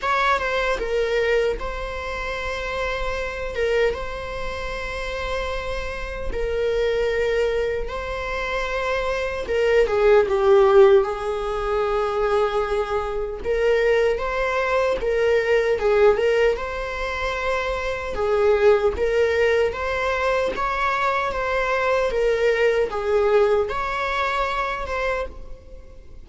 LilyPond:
\new Staff \with { instrumentName = "viola" } { \time 4/4 \tempo 4 = 76 cis''8 c''8 ais'4 c''2~ | c''8 ais'8 c''2. | ais'2 c''2 | ais'8 gis'8 g'4 gis'2~ |
gis'4 ais'4 c''4 ais'4 | gis'8 ais'8 c''2 gis'4 | ais'4 c''4 cis''4 c''4 | ais'4 gis'4 cis''4. c''8 | }